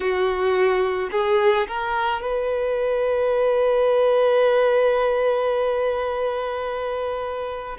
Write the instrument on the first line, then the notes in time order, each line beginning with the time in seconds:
violin
0.00 F#4
1.11 G#4
1.67 A#4
2.21 B4